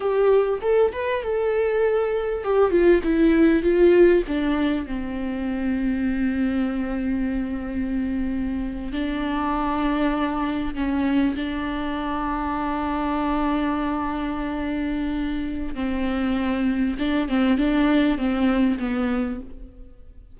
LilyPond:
\new Staff \with { instrumentName = "viola" } { \time 4/4 \tempo 4 = 99 g'4 a'8 b'8 a'2 | g'8 f'8 e'4 f'4 d'4 | c'1~ | c'2~ c'8. d'4~ d'16~ |
d'4.~ d'16 cis'4 d'4~ d'16~ | d'1~ | d'2 c'2 | d'8 c'8 d'4 c'4 b4 | }